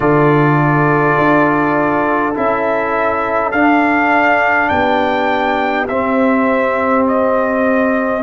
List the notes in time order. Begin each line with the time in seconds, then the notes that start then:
0.00 D3 F4 A4 D5
1.17 D4
2.34 C#4 E4 E5
3.51 D4 F5
4.68 B3 G4 G5
5.87 C4 E5
7.07 D#5